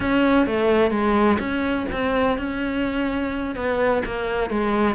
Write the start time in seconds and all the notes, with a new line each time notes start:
0.00 C#4
0.46 A3
0.90 G#3
1.39 C#4
1.92 C4
2.38 C#4
3.55 B3
4.05 A#3
4.50 G#3